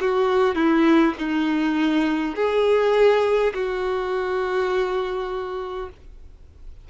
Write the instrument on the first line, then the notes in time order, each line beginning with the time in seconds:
violin
0.00 F#4
0.55 E4
1.18 D#4
2.35 G#4
3.53 F#4